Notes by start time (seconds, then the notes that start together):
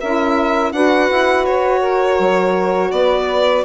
0.00 C#4 E4 A#4 E5
0.73 D4 F#4 B4 F#5
1.12 E4
1.46 F#4 C#5
1.81 A#4
2.20 F#3
2.92 B3 B4 D5